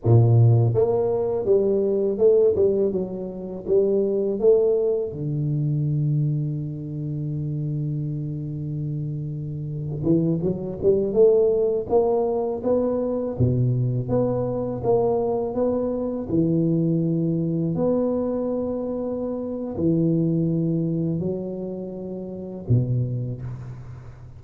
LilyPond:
\new Staff \with { instrumentName = "tuba" } { \time 4/4 \tempo 4 = 82 ais,4 ais4 g4 a8 g8 | fis4 g4 a4 d4~ | d1~ | d4.~ d16 e8 fis8 g8 a8.~ |
a16 ais4 b4 b,4 b8.~ | b16 ais4 b4 e4.~ e16~ | e16 b2~ b8. e4~ | e4 fis2 b,4 | }